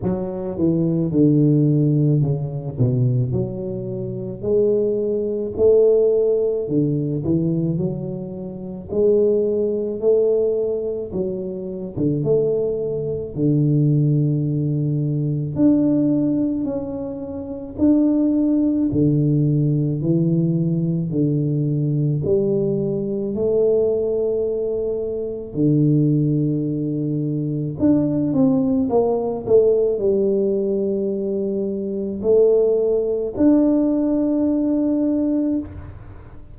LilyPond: \new Staff \with { instrumentName = "tuba" } { \time 4/4 \tempo 4 = 54 fis8 e8 d4 cis8 b,8 fis4 | gis4 a4 d8 e8 fis4 | gis4 a4 fis8. d16 a4 | d2 d'4 cis'4 |
d'4 d4 e4 d4 | g4 a2 d4~ | d4 d'8 c'8 ais8 a8 g4~ | g4 a4 d'2 | }